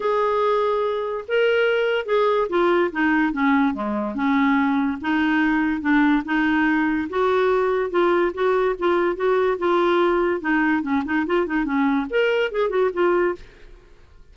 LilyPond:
\new Staff \with { instrumentName = "clarinet" } { \time 4/4 \tempo 4 = 144 gis'2. ais'4~ | ais'4 gis'4 f'4 dis'4 | cis'4 gis4 cis'2 | dis'2 d'4 dis'4~ |
dis'4 fis'2 f'4 | fis'4 f'4 fis'4 f'4~ | f'4 dis'4 cis'8 dis'8 f'8 dis'8 | cis'4 ais'4 gis'8 fis'8 f'4 | }